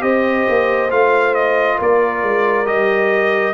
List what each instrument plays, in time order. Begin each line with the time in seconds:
0.00 tuba C4, trombone G4, horn C5, trumpet D#5
0.49 tuba A#3
0.90 tuba A3, trombone F4, trumpet F5
1.34 trumpet D#5
1.78 tuba A#3, horn A#4, trumpet D5
2.23 tuba G#3
2.66 tuba G3, trombone G4, trumpet D#5